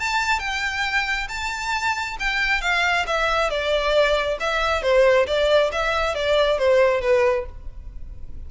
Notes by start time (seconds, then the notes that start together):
0.00 A5
0.40 G5
1.29 A5
2.20 G5
2.62 F5
3.07 E5
3.50 D5
4.40 E5
4.82 C5
5.27 D5
5.72 E5
6.15 D5
6.59 C5
7.02 B4